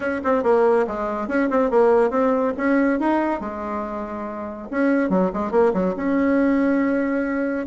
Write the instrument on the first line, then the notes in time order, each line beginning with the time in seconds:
bassoon
0.00 C#4
0.23 C4
0.43 A#3
0.87 G#3
1.28 C#4
1.50 C4
1.70 A#3
2.10 C4
2.57 C#4
2.99 D#4
3.40 G#3
4.70 C#4
5.09 F#3
5.33 G#3
5.51 A#3
5.73 F#3
5.96 C#4